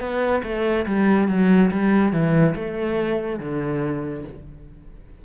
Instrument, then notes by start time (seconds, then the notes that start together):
cello
0.00 B3
0.43 A3
0.86 G3
1.28 F#3
1.71 G3
2.12 E3
2.55 A3
3.40 D3